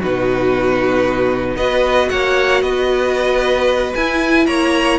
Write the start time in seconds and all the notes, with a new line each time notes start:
0.00 B2 D#4 F#4 B4
1.56 B3 F#4 B4 D#5
2.10 A#3 C#5 F#5
2.62 B3 B4 D#5
3.95 E4 G#5
4.47 A#3 C#5 A#5